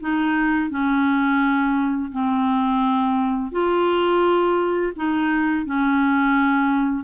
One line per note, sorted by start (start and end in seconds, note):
0.00 0.70 D#4
0.70 2.11 C#4
2.11 3.52 C4
3.52 4.93 F4
4.96 5.66 D#4
5.66 7.04 C#4